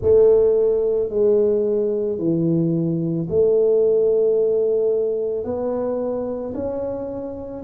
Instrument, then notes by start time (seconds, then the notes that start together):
tuba
0.01 A3
1.09 G#3
2.18 E3
3.29 A3
5.44 B3
6.54 C#4